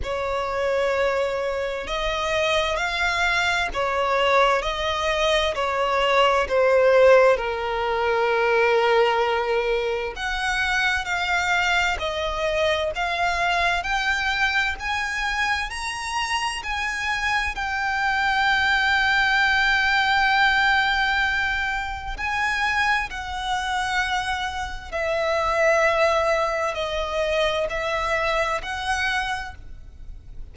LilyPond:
\new Staff \with { instrumentName = "violin" } { \time 4/4 \tempo 4 = 65 cis''2 dis''4 f''4 | cis''4 dis''4 cis''4 c''4 | ais'2. fis''4 | f''4 dis''4 f''4 g''4 |
gis''4 ais''4 gis''4 g''4~ | g''1 | gis''4 fis''2 e''4~ | e''4 dis''4 e''4 fis''4 | }